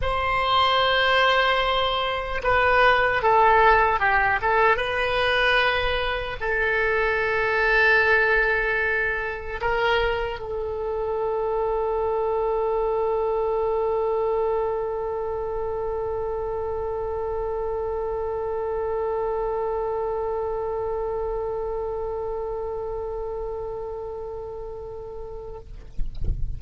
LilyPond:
\new Staff \with { instrumentName = "oboe" } { \time 4/4 \tempo 4 = 75 c''2. b'4 | a'4 g'8 a'8 b'2 | a'1 | ais'4 a'2.~ |
a'1~ | a'1~ | a'1~ | a'1 | }